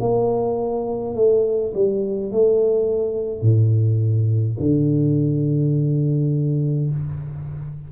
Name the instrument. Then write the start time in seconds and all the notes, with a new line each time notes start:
tuba
0.00 A#3
1.15 A3
1.74 G3
2.32 A3
3.41 A2
4.59 D3